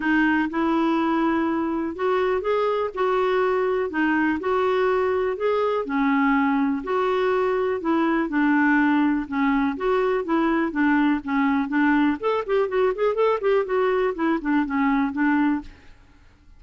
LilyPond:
\new Staff \with { instrumentName = "clarinet" } { \time 4/4 \tempo 4 = 123 dis'4 e'2. | fis'4 gis'4 fis'2 | dis'4 fis'2 gis'4 | cis'2 fis'2 |
e'4 d'2 cis'4 | fis'4 e'4 d'4 cis'4 | d'4 a'8 g'8 fis'8 gis'8 a'8 g'8 | fis'4 e'8 d'8 cis'4 d'4 | }